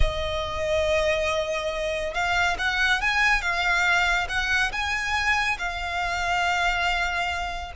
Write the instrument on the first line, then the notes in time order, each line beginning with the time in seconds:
violin
0.00 D#5
2.14 F5
2.58 F#5
3.01 G#5
3.41 F5
4.28 F#5
4.71 G#5
5.58 F5